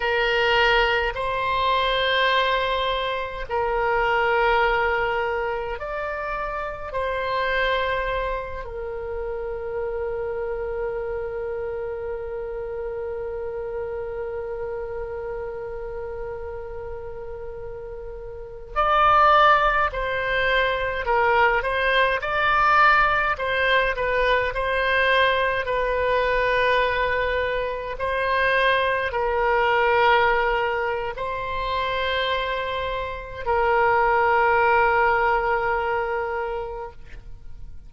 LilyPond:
\new Staff \with { instrumentName = "oboe" } { \time 4/4 \tempo 4 = 52 ais'4 c''2 ais'4~ | ais'4 d''4 c''4. ais'8~ | ais'1~ | ais'1~ |
ais'16 d''4 c''4 ais'8 c''8 d''8.~ | d''16 c''8 b'8 c''4 b'4.~ b'16~ | b'16 c''4 ais'4.~ ais'16 c''4~ | c''4 ais'2. | }